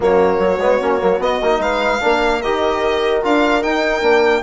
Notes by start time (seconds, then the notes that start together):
0.00 F#2 A#3 F#4 C#5
0.39 F#3
0.58 G#3 B3
0.80 A#3 C#4
0.99 F#3 A#3
1.19 B3 D#5
1.42 A#3 D#4
1.59 G#3 B4 F5
2.00 A#3 D4 A#4
2.41 D#3 G4 D#5
3.22 D4 F4 F5
3.61 D#4 G5
4.01 A#3 D4